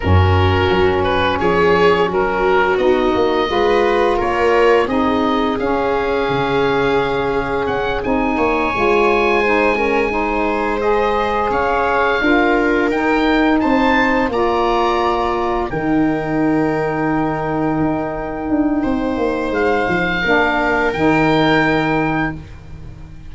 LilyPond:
<<
  \new Staff \with { instrumentName = "oboe" } { \time 4/4 \tempo 4 = 86 ais'4. b'8 cis''4 ais'4 | dis''2 cis''4 dis''4 | f''2. fis''8 gis''8~ | gis''2.~ gis''8 dis''8~ |
dis''8 f''2 g''4 a''8~ | a''8 ais''2 g''4.~ | g''1 | f''2 g''2 | }
  \new Staff \with { instrumentName = "viola" } { \time 4/4 fis'2 gis'4 fis'4~ | fis'4 b'4 ais'4 gis'4~ | gis'1 | cis''4. c''8 ais'8 c''4.~ |
c''8 cis''4 ais'2 c''8~ | c''8 d''2 ais'4.~ | ais'2. c''4~ | c''4 ais'2. | }
  \new Staff \with { instrumentName = "saxophone" } { \time 4/4 cis'1 | dis'4 f'2 dis'4 | cis'2.~ cis'8 dis'8~ | dis'8 f'4 dis'8 cis'8 dis'4 gis'8~ |
gis'4. f'4 dis'4.~ | dis'8 f'2 dis'4.~ | dis'1~ | dis'4 d'4 dis'2 | }
  \new Staff \with { instrumentName = "tuba" } { \time 4/4 fis,4 fis4 f4 fis4 | b8 ais8 gis4 ais4 c'4 | cis'4 cis2 cis'8 c'8 | ais8 gis2.~ gis8~ |
gis8 cis'4 d'4 dis'4 c'8~ | c'8 ais2 dis4.~ | dis4. dis'4 d'8 c'8 ais8 | gis8 f8 ais4 dis2 | }
>>